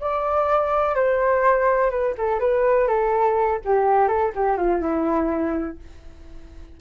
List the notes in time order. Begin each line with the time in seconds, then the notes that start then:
0.00 D5
0.95 C5
1.90 B4
2.18 A4
2.40 B4
2.88 A4
3.65 G4
4.08 A4
4.35 G4
4.57 F4
4.81 E4